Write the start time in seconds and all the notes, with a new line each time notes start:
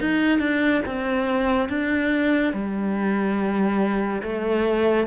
0.00 D#4
0.39 D4
0.85 C4
1.69 D4
2.53 G3
4.22 A3